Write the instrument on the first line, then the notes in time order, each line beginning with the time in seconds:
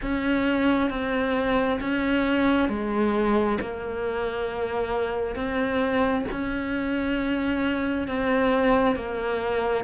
cello
0.02 C#4
0.90 C4
1.80 C#4
2.69 G#3
3.61 A#3
5.35 C4
6.31 C#4
8.07 C4
8.95 A#3